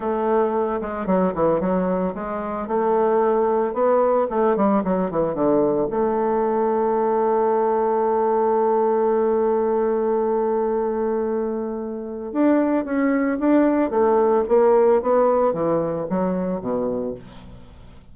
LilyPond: \new Staff \with { instrumentName = "bassoon" } { \time 4/4 \tempo 4 = 112 a4. gis8 fis8 e8 fis4 | gis4 a2 b4 | a8 g8 fis8 e8 d4 a4~ | a1~ |
a1~ | a2. d'4 | cis'4 d'4 a4 ais4 | b4 e4 fis4 b,4 | }